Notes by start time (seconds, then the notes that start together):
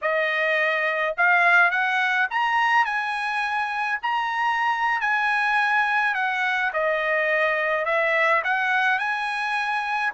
0.01 D#5
1.17 F5
1.70 F#5
2.30 A#5
2.85 G#5
4.02 A#5
5.00 G#5
6.14 F#5
6.73 D#5
7.85 E5
8.44 F#5
8.98 G#5